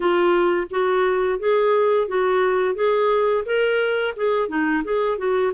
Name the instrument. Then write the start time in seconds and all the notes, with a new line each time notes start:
clarinet
0.00 F4
0.70 F#4
1.39 G#4
2.08 F#4
2.75 G#4
3.45 A#4
4.16 G#4
4.48 D#4
4.84 G#4
5.18 F#4